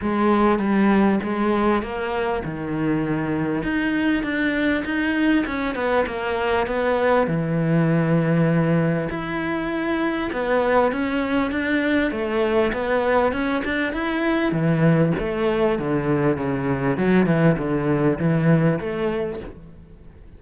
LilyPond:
\new Staff \with { instrumentName = "cello" } { \time 4/4 \tempo 4 = 99 gis4 g4 gis4 ais4 | dis2 dis'4 d'4 | dis'4 cis'8 b8 ais4 b4 | e2. e'4~ |
e'4 b4 cis'4 d'4 | a4 b4 cis'8 d'8 e'4 | e4 a4 d4 cis4 | fis8 e8 d4 e4 a4 | }